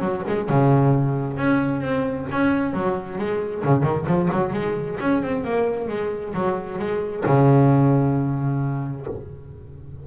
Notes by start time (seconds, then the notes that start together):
0.00 F#3
0.27 G#3
0.49 C#3
1.37 C#4
1.81 C4
2.32 C#4
2.74 F#3
3.18 G#3
3.64 C#3
3.83 D#3
4.07 F3
4.32 F#3
4.53 G#3
5.00 C#4
5.23 C4
5.44 A#3
5.88 G#3
6.34 F#3
6.79 G#3
7.26 C#3